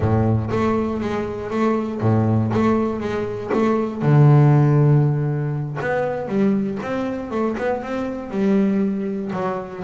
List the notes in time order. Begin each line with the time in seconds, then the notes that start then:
0.00 A2
0.50 A3
1.00 G#3
1.50 A3
2.00 A2
2.53 A3
3.00 G#3
3.53 A3
4.02 D3
5.81 B3
6.28 G3
6.82 C4
7.30 A3
7.57 B3
7.82 C4
8.30 G3
9.33 F#3